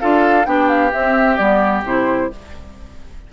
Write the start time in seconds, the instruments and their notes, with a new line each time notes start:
0.00 bassoon D4, clarinet F4, oboe A4, flute F5
0.45 bassoon B3, clarinet D4, oboe G4, flute G5
0.69 flute F5
0.92 clarinet C4, bassoon C4, flute E5
1.37 bassoon G3, clarinet B3, flute D5
1.84 bassoon C3, clarinet E4, flute C5